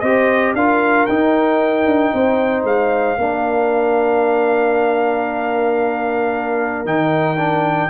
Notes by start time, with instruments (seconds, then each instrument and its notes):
0.00 tuba C4, trombone G4, horn C5, trumpet D#5
0.54 tuba D4, trombone F4, horn A#4, trumpet F5
1.06 tuba D#4, trombone D#4, trumpet G5
1.86 tuba D4
2.14 tuba C4, horn C5
2.63 tuba G#3, trumpet F5
3.17 tuba A#3, trombone D4, horn A#4
6.85 tuba D#3, trombone D#4, trumpet G5
7.37 trombone D4